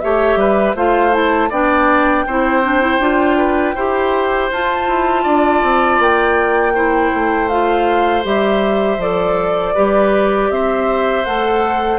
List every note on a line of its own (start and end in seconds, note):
0.00 0.36 A3
0.00 0.76 G4
0.00 0.40 C#5
0.00 0.75 E5
0.36 0.73 G3
0.36 0.76 B4
0.75 1.50 A3
0.75 1.12 F4
0.75 1.50 C5
0.75 1.14 F5
1.12 1.49 E4
1.12 1.52 A5
1.50 2.26 B3
1.50 2.27 D4
1.50 2.25 D5
1.50 4.52 G5
2.27 3.00 C4
2.27 2.63 E4
2.27 3.38 C5
2.63 2.81 D4
2.81 3.00 E4
3.00 3.75 D4
3.00 3.76 F4
3.38 3.75 B4
3.75 4.50 E4
3.75 4.52 G4
3.75 5.23 C5
4.52 4.88 F4
4.52 6.75 F4
4.52 6.02 A5
4.88 5.25 E4
5.23 5.63 D4
5.23 6.73 D5
5.63 5.99 C4
5.99 7.12 A#3
5.99 7.48 G5
6.75 7.50 E4
6.75 9.74 C5
7.14 8.25 A3
7.48 8.23 F4
7.48 8.23 F5
8.23 8.98 G3
8.23 8.98 G4
8.23 9.01 E5
8.98 9.73 F3
8.98 9.75 A4
8.98 10.51 D5
9.74 10.50 G3
9.74 11.25 G4
9.74 10.49 B4
10.50 11.25 C4
10.50 11.99 C5
10.50 11.25 E5
11.25 11.99 A3
11.25 11.99 A4
11.25 11.99 F#5